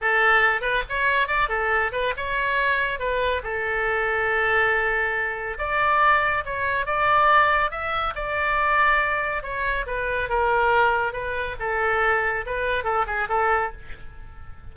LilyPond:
\new Staff \with { instrumentName = "oboe" } { \time 4/4 \tempo 4 = 140 a'4. b'8 cis''4 d''8 a'8~ | a'8 b'8 cis''2 b'4 | a'1~ | a'4 d''2 cis''4 |
d''2 e''4 d''4~ | d''2 cis''4 b'4 | ais'2 b'4 a'4~ | a'4 b'4 a'8 gis'8 a'4 | }